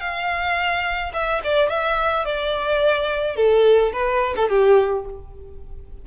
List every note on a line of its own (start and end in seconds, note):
0.00 1.12 F5
1.13 1.41 E5
1.43 1.69 D5
1.69 2.25 E5
2.25 3.36 D5
3.36 3.92 A4
3.92 4.34 B4
4.36 4.49 A4
4.49 5.05 G4